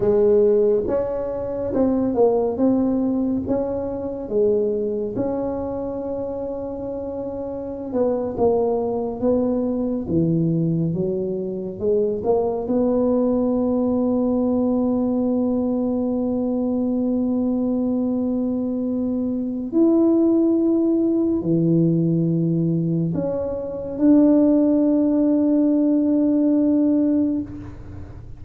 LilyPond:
\new Staff \with { instrumentName = "tuba" } { \time 4/4 \tempo 4 = 70 gis4 cis'4 c'8 ais8 c'4 | cis'4 gis4 cis'2~ | cis'4~ cis'16 b8 ais4 b4 e16~ | e8. fis4 gis8 ais8 b4~ b16~ |
b1~ | b2. e'4~ | e'4 e2 cis'4 | d'1 | }